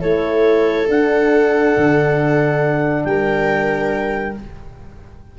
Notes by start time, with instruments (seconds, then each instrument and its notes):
0.00 tuba A3, horn E4, viola A4, clarinet C#5
0.88 tuba D4, horn D4, clarinet F#5
1.76 tuba D3
3.03 tuba G3, viola A#4, clarinet G5